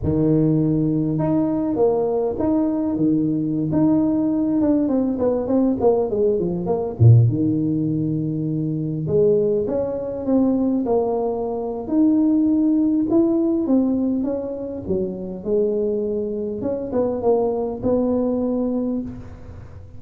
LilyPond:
\new Staff \with { instrumentName = "tuba" } { \time 4/4 \tempo 4 = 101 dis2 dis'4 ais4 | dis'4 dis4~ dis16 dis'4. d'16~ | d'16 c'8 b8 c'8 ais8 gis8 f8 ais8 ais,16~ | ais,16 dis2. gis8.~ |
gis16 cis'4 c'4 ais4.~ ais16 | dis'2 e'4 c'4 | cis'4 fis4 gis2 | cis'8 b8 ais4 b2 | }